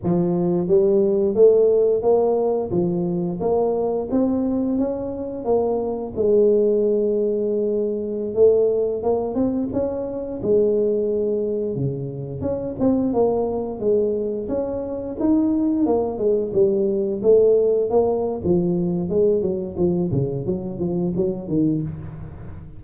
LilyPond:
\new Staff \with { instrumentName = "tuba" } { \time 4/4 \tempo 4 = 88 f4 g4 a4 ais4 | f4 ais4 c'4 cis'4 | ais4 gis2.~ | gis16 a4 ais8 c'8 cis'4 gis8.~ |
gis4~ gis16 cis4 cis'8 c'8 ais8.~ | ais16 gis4 cis'4 dis'4 ais8 gis16~ | gis16 g4 a4 ais8. f4 | gis8 fis8 f8 cis8 fis8 f8 fis8 dis8 | }